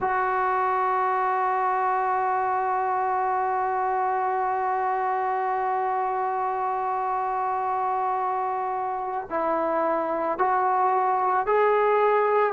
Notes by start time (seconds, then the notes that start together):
0.00 F#4
9.29 E4
10.38 F#4
11.46 G#4